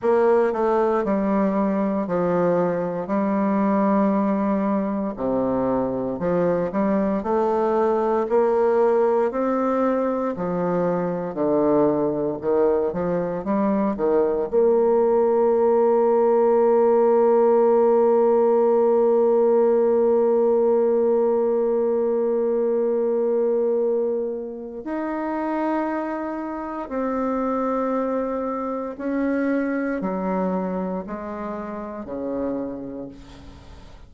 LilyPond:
\new Staff \with { instrumentName = "bassoon" } { \time 4/4 \tempo 4 = 58 ais8 a8 g4 f4 g4~ | g4 c4 f8 g8 a4 | ais4 c'4 f4 d4 | dis8 f8 g8 dis8 ais2~ |
ais1~ | ais1 | dis'2 c'2 | cis'4 fis4 gis4 cis4 | }